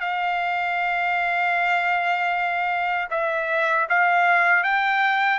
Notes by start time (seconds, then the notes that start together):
0.00 F5
3.10 E5
3.89 F5
4.63 G5